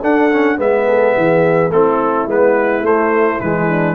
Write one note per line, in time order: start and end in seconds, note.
0.00 0.31 D4
0.00 0.59 D4
0.00 0.57 A4
0.00 0.60 F#5
0.31 0.57 C#4
0.57 1.15 G#3
0.57 1.70 B3
0.57 0.87 B4
0.57 1.72 E5
0.87 1.16 A4
1.17 1.70 E3
1.17 1.73 G#4
1.70 2.26 A3
1.70 2.28 C4
1.70 3.68 E4
1.70 2.28 A4
2.27 2.82 G#3
2.27 2.83 B3
2.27 2.86 B4
2.82 3.39 A3
2.82 3.40 A3
2.82 3.41 C5
3.41 3.95 E3
3.41 3.95 G#3
3.41 3.95 B4
3.68 3.95 D4